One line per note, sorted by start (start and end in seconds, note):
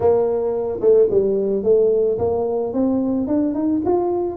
0.00 0.79 A#3
0.80 1.08 A3
1.10 1.63 G3
1.63 2.17 A3
2.18 2.73 A#3
2.73 3.27 C4
3.27 3.54 D4
3.54 3.81 D#4
3.85 4.36 F4